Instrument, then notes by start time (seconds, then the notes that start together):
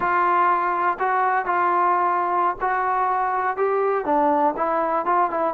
trombone
0.00 F4
0.99 F#4
1.45 F4
2.60 F#4
3.56 G4
4.05 D4
4.56 E4
5.05 F4
5.30 E4